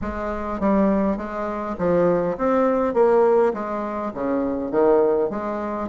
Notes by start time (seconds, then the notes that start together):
0.01 G#3
0.60 G3
1.17 G#3
1.78 F3
2.37 C4
2.94 A#3
3.53 G#3
4.13 C#3
4.71 D#3
5.29 G#3